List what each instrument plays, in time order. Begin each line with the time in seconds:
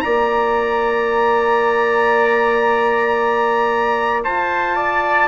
0.00 bassoon A#3, cello F4, trumpet D5 A#5
4.24 bassoon F4, trumpet C5 A5
4.76 trumpet D5